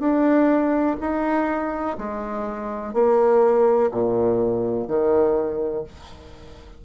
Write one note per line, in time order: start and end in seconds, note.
0.00 0.97 D4
1.01 1.98 D#4
1.98 2.93 G#3
2.93 3.90 A#3
3.91 4.87 A#2
4.87 5.84 D#3